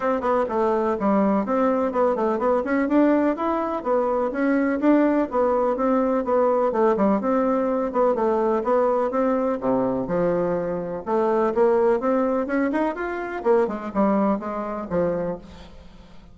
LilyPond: \new Staff \with { instrumentName = "bassoon" } { \time 4/4 \tempo 4 = 125 c'8 b8 a4 g4 c'4 | b8 a8 b8 cis'8 d'4 e'4 | b4 cis'4 d'4 b4 | c'4 b4 a8 g8 c'4~ |
c'8 b8 a4 b4 c'4 | c4 f2 a4 | ais4 c'4 cis'8 dis'8 f'4 | ais8 gis8 g4 gis4 f4 | }